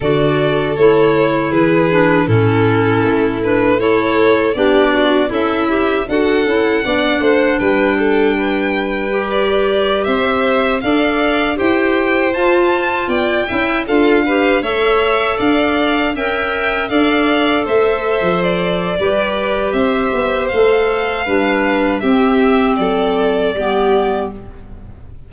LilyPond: <<
  \new Staff \with { instrumentName = "violin" } { \time 4/4 \tempo 4 = 79 d''4 cis''4 b'4 a'4~ | a'8 b'8 cis''4 d''4 e''4 | fis''2 g''2~ | g''16 d''4 e''4 f''4 g''8.~ |
g''16 a''4 g''4 f''4 e''8.~ | e''16 f''4 g''4 f''4 e''8.~ | e''16 d''4.~ d''16 e''4 f''4~ | f''4 e''4 d''2 | }
  \new Staff \with { instrumentName = "violin" } { \time 4/4 a'2 gis'4 e'4~ | e'4 a'4 g'8 fis'8 e'4 | a'4 d''8 c''8 b'8 a'8 b'4~ | b'4~ b'16 c''4 d''4 c''8.~ |
c''4~ c''16 d''8 e''8 a'8 b'8 cis''8.~ | cis''16 d''4 e''4 d''4 c''8.~ | c''4 b'4 c''2 | b'4 g'4 a'4 g'4 | }
  \new Staff \with { instrumentName = "clarinet" } { \time 4/4 fis'4 e'4. d'8 cis'4~ | cis'8 d'8 e'4 d'4 a'8 g'8 | fis'8 e'8 d'2. | g'2~ g'16 a'4 g'8.~ |
g'16 f'4. e'8 f'8 g'8 a'8.~ | a'4~ a'16 ais'4 a'4.~ a'16~ | a'4 g'2 a'4 | d'4 c'2 b4 | }
  \new Staff \with { instrumentName = "tuba" } { \time 4/4 d4 a4 e4 a,4 | a2 b4 cis'4 | d'8 cis'8 b8 a8 g2~ | g4~ g16 c'4 d'4 e'8.~ |
e'16 f'4 b8 cis'8 d'4 a8.~ | a16 d'4 cis'4 d'4 a8. | f4 g4 c'8 b8 a4 | g4 c'4 fis4 g4 | }
>>